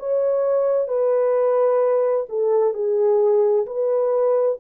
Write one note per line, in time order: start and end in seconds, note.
0.00 0.88 C#5
0.88 2.27 B4
2.29 2.74 A4
2.74 3.66 G#4
3.67 4.59 B4